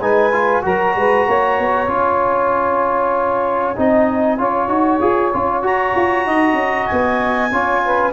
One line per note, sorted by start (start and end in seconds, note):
0.00 0.62 G#3
0.00 0.32 D#4
0.00 0.63 B4
0.00 0.63 G#5
0.32 0.62 F4
0.62 0.96 F#3
0.62 1.87 F#4
0.62 0.95 A#4
0.62 1.90 A#5
0.96 1.27 G#3
0.96 1.27 B4
1.27 1.58 A#3
1.27 3.77 C#5
1.58 1.87 B3
1.87 3.75 C#4
1.87 3.75 F4
1.87 5.65 G#5
3.75 4.39 C4
3.75 4.38 D#4
3.75 4.39 D#5
4.38 4.68 C#4
4.38 4.68 F4
4.38 6.26 C#5
4.68 4.99 D#4
4.68 4.99 F#4
5.00 5.32 F4
5.00 5.32 G#4
5.33 5.62 C#4
5.33 5.62 F4
5.62 5.93 F#4
5.62 7.50 F#4
5.62 6.87 A#5
5.95 6.26 F4
6.26 6.53 D#4
6.26 7.51 D#5
6.53 6.85 C#4
6.87 7.51 B3
6.87 8.12 G#5
7.51 8.12 C#4
7.51 8.12 F4
7.51 7.83 C#5
7.85 8.12 B4